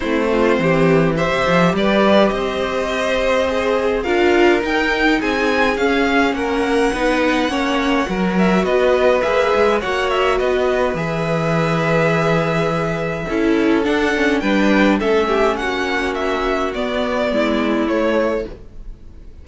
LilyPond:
<<
  \new Staff \with { instrumentName = "violin" } { \time 4/4 \tempo 4 = 104 c''2 e''4 d''4 | dis''2. f''4 | g''4 gis''4 f''4 fis''4~ | fis''2~ fis''8 e''8 dis''4 |
e''4 fis''8 e''8 dis''4 e''4~ | e''1 | fis''4 g''4 e''4 fis''4 | e''4 d''2 cis''4 | }
  \new Staff \with { instrumentName = "violin" } { \time 4/4 e'8 f'8 g'4 c''4 b'4 | c''2. ais'4~ | ais'4 gis'2 ais'4 | b'4 cis''4 ais'4 b'4~ |
b'4 cis''4 b'2~ | b'2. a'4~ | a'4 b'4 a'8 g'8 fis'4~ | fis'2 e'2 | }
  \new Staff \with { instrumentName = "viola" } { \time 4/4 c'2 g'2~ | g'2 gis'4 f'4 | dis'2 cis'2 | dis'4 cis'4 fis'2 |
gis'4 fis'2 gis'4~ | gis'2. e'4 | d'8 cis'8 d'4 cis'2~ | cis'4 b2 a4 | }
  \new Staff \with { instrumentName = "cello" } { \time 4/4 a4 e4~ e16 c16 f8 g4 | c'2. d'4 | dis'4 c'4 cis'4 ais4 | b4 ais4 fis4 b4 |
ais8 gis8 ais4 b4 e4~ | e2. cis'4 | d'4 g4 a4 ais4~ | ais4 b4 gis4 a4 | }
>>